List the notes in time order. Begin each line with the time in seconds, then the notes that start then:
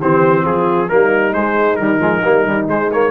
0.00 E3 C4 G4 C5
0.42 F3 F4 G#4
0.89 G3 A#3 D#4 A#4
1.32 G#3 C5
1.76 D#3 G3 A#4
1.99 F3 G#3
2.23 G3 A#3
2.45 D#3 G3
2.67 G#3 C5
2.91 A#3 C#5